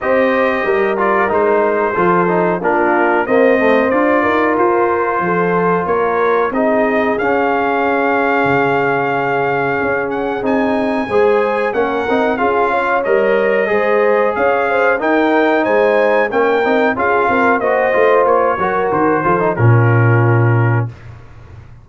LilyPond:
<<
  \new Staff \with { instrumentName = "trumpet" } { \time 4/4 \tempo 4 = 92 dis''4. d''8 c''2 | ais'4 dis''4 d''4 c''4~ | c''4 cis''4 dis''4 f''4~ | f''2.~ f''8 fis''8 |
gis''2 fis''4 f''4 | dis''2 f''4 g''4 | gis''4 g''4 f''4 dis''4 | cis''4 c''4 ais'2 | }
  \new Staff \with { instrumentName = "horn" } { \time 4/4 c''4 ais'2 a'4 | f'4 c''4. ais'4. | a'4 ais'4 gis'2~ | gis'1~ |
gis'4 c''4 ais'4 gis'8 cis''8~ | cis''4 c''4 cis''8 c''8 ais'4 | c''4 ais'4 gis'8 ais'8 c''4~ | c''8 ais'4 a'8 f'2 | }
  \new Staff \with { instrumentName = "trombone" } { \time 4/4 g'4. f'8 dis'4 f'8 dis'8 | d'4 ais8 a8 f'2~ | f'2 dis'4 cis'4~ | cis'1 |
dis'4 gis'4 cis'8 dis'8 f'4 | ais'4 gis'2 dis'4~ | dis'4 cis'8 dis'8 f'4 fis'8 f'8~ | f'8 fis'4 f'16 dis'16 cis'2 | }
  \new Staff \with { instrumentName = "tuba" } { \time 4/4 c'4 g4 gis4 f4 | ais4 c'4 d'8 dis'8 f'4 | f4 ais4 c'4 cis'4~ | cis'4 cis2 cis'4 |
c'4 gis4 ais8 c'8 cis'4 | g4 gis4 cis'4 dis'4 | gis4 ais8 c'8 cis'8 c'8 ais8 a8 | ais8 fis8 dis8 f8 ais,2 | }
>>